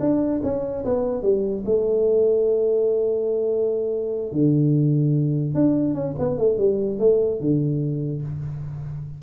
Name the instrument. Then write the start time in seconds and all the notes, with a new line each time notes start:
tuba
0.00 D4
0.43 C#4
0.85 B3
1.22 G3
1.66 A3
4.32 D3
5.54 D4
5.94 C#4
6.18 B3
6.38 A3
6.58 G3
6.99 A3
7.40 D3